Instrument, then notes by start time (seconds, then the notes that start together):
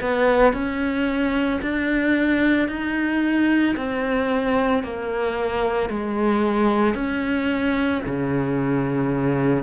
cello
0.00 B3
0.53 C#4
1.61 D4
2.68 D#4
3.76 C4
4.83 A#3
5.89 G#3
6.94 C#4
8.06 C#3